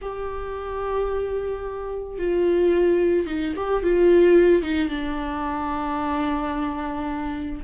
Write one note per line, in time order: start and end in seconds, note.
0.01 2.18 G4
2.18 3.26 F4
3.26 3.53 D#4
3.56 3.83 G4
3.83 4.62 F4
4.62 4.89 D#4
4.89 7.62 D4